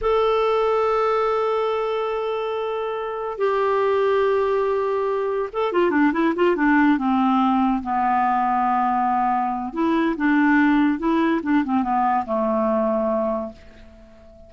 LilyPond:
\new Staff \with { instrumentName = "clarinet" } { \time 4/4 \tempo 4 = 142 a'1~ | a'1 | g'1~ | g'4 a'8 f'8 d'8 e'8 f'8 d'8~ |
d'8 c'2 b4.~ | b2. e'4 | d'2 e'4 d'8 c'8 | b4 a2. | }